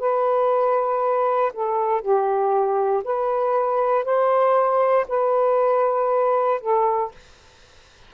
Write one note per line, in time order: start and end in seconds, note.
0.00 1.53 B4
1.53 2.02 A4
2.02 3.03 G4
3.04 4.05 B4
4.05 5.07 C5
5.08 6.61 B4
6.61 7.12 A4